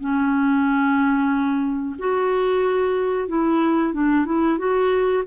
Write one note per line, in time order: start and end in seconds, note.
0.00 1.96 C#4
1.98 3.28 F#4
3.28 3.93 E4
3.93 4.25 D4
4.25 4.58 E4
4.58 5.23 F#4